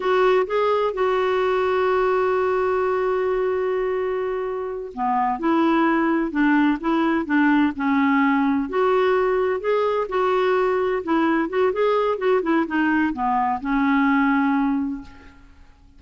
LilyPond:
\new Staff \with { instrumentName = "clarinet" } { \time 4/4 \tempo 4 = 128 fis'4 gis'4 fis'2~ | fis'1~ | fis'2~ fis'8 b4 e'8~ | e'4. d'4 e'4 d'8~ |
d'8 cis'2 fis'4.~ | fis'8 gis'4 fis'2 e'8~ | e'8 fis'8 gis'4 fis'8 e'8 dis'4 | b4 cis'2. | }